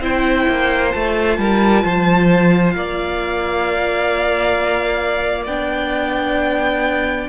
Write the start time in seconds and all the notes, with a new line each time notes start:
0.00 C4 E4 C5 G5
0.48 A#3
0.91 A3 F4 A5
1.38 G3 A#4
1.84 F3 C5
2.71 A#3 D5 F5
5.45 B3 D4 G5